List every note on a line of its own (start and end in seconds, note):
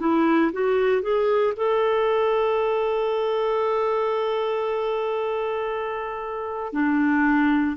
0.00 0.52 E4
0.52 1.02 F#4
1.02 1.54 G#4
1.57 6.73 A4
6.73 7.76 D4